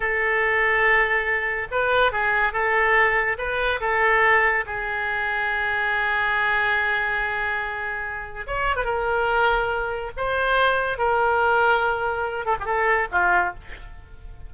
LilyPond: \new Staff \with { instrumentName = "oboe" } { \time 4/4 \tempo 4 = 142 a'1 | b'4 gis'4 a'2 | b'4 a'2 gis'4~ | gis'1~ |
gis'1 | cis''8. b'16 ais'2. | c''2 ais'2~ | ais'4. a'16 g'16 a'4 f'4 | }